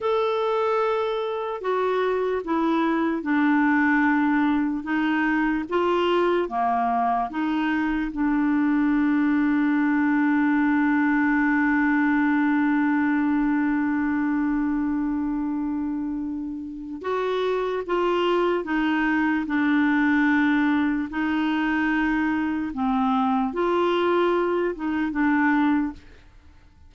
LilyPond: \new Staff \with { instrumentName = "clarinet" } { \time 4/4 \tempo 4 = 74 a'2 fis'4 e'4 | d'2 dis'4 f'4 | ais4 dis'4 d'2~ | d'1~ |
d'1~ | d'4 fis'4 f'4 dis'4 | d'2 dis'2 | c'4 f'4. dis'8 d'4 | }